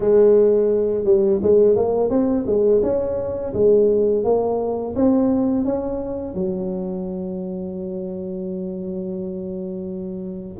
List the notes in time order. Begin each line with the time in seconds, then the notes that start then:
0.00 G#3
1.04 G3
1.42 G#3
1.76 A#3
2.10 C4
2.46 G#3
2.82 C#4
3.53 G#3
4.24 A#3
4.95 C4
5.64 C#4
6.34 F#3